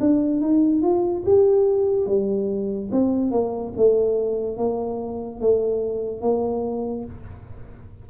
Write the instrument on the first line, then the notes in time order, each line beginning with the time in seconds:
tuba
0.00 D4
0.41 D#4
0.82 F4
1.25 G4
2.06 G3
2.91 C4
3.31 A#3
3.77 A3
4.57 A#3
5.40 A3
6.21 A#3